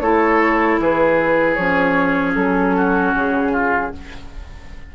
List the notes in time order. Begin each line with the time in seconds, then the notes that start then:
0.00 A3 E4 A4 C#5
0.79 E3 G#4 B4
1.54 F3 C#4 C#5
2.35 F#3 A4
2.75 F#4
3.13 C#3 G#4
3.52 F4